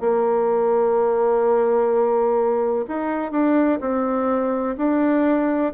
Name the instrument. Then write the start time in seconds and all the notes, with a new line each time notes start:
bassoon
0.00 A#3
2.87 D#4
3.31 D4
3.81 C4
4.77 D4